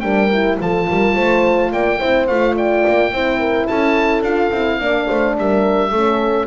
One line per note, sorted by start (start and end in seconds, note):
0.00 0.58 G3
0.00 0.30 D4
0.00 0.60 A#4
0.00 0.56 G5
0.33 0.61 E4
0.60 0.88 F3
0.60 2.00 F4
0.60 0.88 A4
0.60 1.73 A5
0.88 1.16 G3
0.88 1.15 A#4
1.15 1.72 A3
1.15 1.71 C5
1.72 2.01 A#3
1.72 1.99 D5
1.72 2.27 G5
1.99 2.29 C4
1.99 2.28 E4
1.99 2.55 C5
2.27 2.85 A3
2.27 3.13 F4
2.27 2.55 F5
2.56 3.12 D5
2.56 3.67 G5
2.88 3.12 A#3
3.12 3.68 C4
3.12 4.24 E4
3.12 3.39 C5
3.39 3.67 A#4
3.67 4.22 C#4
3.67 4.79 A4
3.67 4.23 A5
4.22 4.50 D4
4.22 4.52 F4
4.22 5.36 F5
4.52 4.80 C4
4.52 4.80 E4
4.80 5.08 A#3
4.80 5.92 D4
4.80 5.08 D5
5.08 5.38 A3
5.08 5.36 C5
5.38 5.92 G3
5.38 5.91 A#4
5.38 6.47 E5
5.91 6.47 A3
5.91 6.47 C#4
5.91 6.47 A4